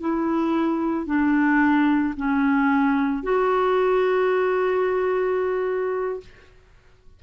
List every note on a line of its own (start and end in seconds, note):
0.00 1.06 E4
1.06 2.14 D4
2.16 3.23 C#4
3.23 6.20 F#4